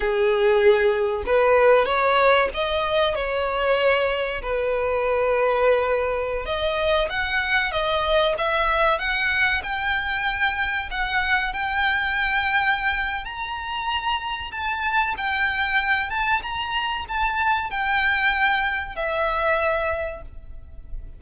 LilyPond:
\new Staff \with { instrumentName = "violin" } { \time 4/4 \tempo 4 = 95 gis'2 b'4 cis''4 | dis''4 cis''2 b'4~ | b'2~ b'16 dis''4 fis''8.~ | fis''16 dis''4 e''4 fis''4 g''8.~ |
g''4~ g''16 fis''4 g''4.~ g''16~ | g''4 ais''2 a''4 | g''4. a''8 ais''4 a''4 | g''2 e''2 | }